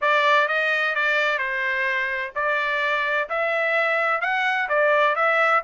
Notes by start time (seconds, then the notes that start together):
0.01 D5
0.48 D#5
0.95 D5
1.38 C5
2.35 D5
3.29 E5
4.21 F#5
4.68 D5
5.15 E5